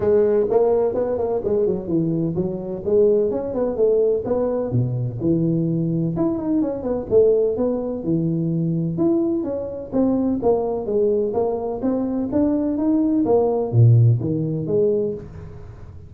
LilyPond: \new Staff \with { instrumentName = "tuba" } { \time 4/4 \tempo 4 = 127 gis4 ais4 b8 ais8 gis8 fis8 | e4 fis4 gis4 cis'8 b8 | a4 b4 b,4 e4~ | e4 e'8 dis'8 cis'8 b8 a4 |
b4 e2 e'4 | cis'4 c'4 ais4 gis4 | ais4 c'4 d'4 dis'4 | ais4 ais,4 dis4 gis4 | }